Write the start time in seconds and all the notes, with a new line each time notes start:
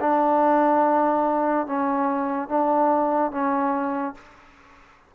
0.00 D4
1.66 C#4
2.48 D4
3.31 C#4